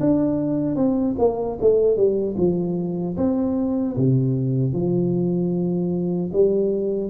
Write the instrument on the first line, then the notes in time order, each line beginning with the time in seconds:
tuba
0.00 D4
0.76 C4
1.19 A#3
1.61 A3
1.97 G3
2.38 F3
3.17 C4
3.97 C3
4.73 F3
6.33 G3